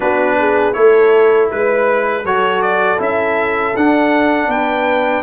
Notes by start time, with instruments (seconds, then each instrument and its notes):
0.00 tuba B3, trombone D4, horn F#4, trumpet B4
0.39 horn G#4
0.73 tuba A3, trombone E4, horn A4, trumpet C#5
1.50 tuba G#3, horn B4, trumpet B4
2.24 tuba F#3, trombone F#4, horn A4, trumpet C#5
2.62 trumpet D5
2.98 tuba C#4, trombone E4, trumpet E5
3.76 tuba D4, trombone D4, trumpet F#5
4.47 tuba B3, horn B4, trumpet G5